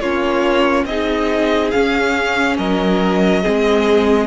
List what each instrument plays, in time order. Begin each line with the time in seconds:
0.00 cello A#3, viola C#4, violin F4 C#5
0.85 cello C4, viola D#4, violin G#4 D#5
1.71 viola C#4, cello C#4, violin F5
2.58 cello F#3, violin A#4 D#5
3.43 cello G#3, viola C4, violin G#4